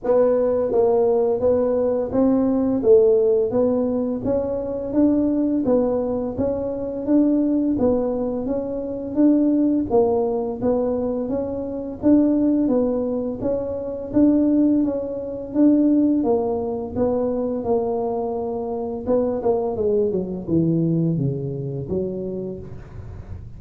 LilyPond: \new Staff \with { instrumentName = "tuba" } { \time 4/4 \tempo 4 = 85 b4 ais4 b4 c'4 | a4 b4 cis'4 d'4 | b4 cis'4 d'4 b4 | cis'4 d'4 ais4 b4 |
cis'4 d'4 b4 cis'4 | d'4 cis'4 d'4 ais4 | b4 ais2 b8 ais8 | gis8 fis8 e4 cis4 fis4 | }